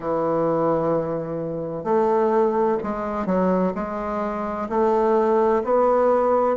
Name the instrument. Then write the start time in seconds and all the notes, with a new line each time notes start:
bassoon
0.00 E3
1.84 A3
2.83 G#3
3.26 F#3
3.74 G#3
4.69 A3
5.64 B3